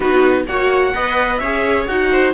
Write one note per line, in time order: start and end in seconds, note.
0.00 0.47 B3
0.00 0.46 D#4
0.00 0.45 F#4
0.00 0.46 B4
0.47 0.94 A#3
0.47 0.94 F#4
0.47 0.94 C#5
0.47 1.36 F#5
0.94 1.40 B3
0.94 1.41 B4
0.94 1.40 D#5
1.36 1.87 C#4
1.36 2.10 C#5
1.36 1.83 E5
1.43 1.88 G#4
1.87 2.33 D#4
1.87 2.33 F#4
1.87 2.33 F#5
2.12 2.33 C5